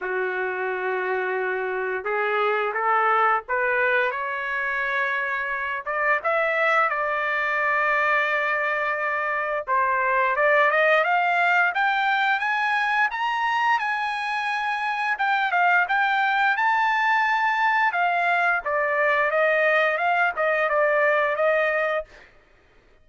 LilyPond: \new Staff \with { instrumentName = "trumpet" } { \time 4/4 \tempo 4 = 87 fis'2. gis'4 | a'4 b'4 cis''2~ | cis''8 d''8 e''4 d''2~ | d''2 c''4 d''8 dis''8 |
f''4 g''4 gis''4 ais''4 | gis''2 g''8 f''8 g''4 | a''2 f''4 d''4 | dis''4 f''8 dis''8 d''4 dis''4 | }